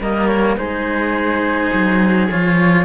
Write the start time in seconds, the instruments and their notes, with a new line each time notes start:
0.00 cello G3 A#3, oboe A#4, flute D#5
0.27 flute C#5
0.57 cello G#3 D#4, oboe G#4, flute C5
1.74 cello F#3
2.31 cello F3 F4, flute C#5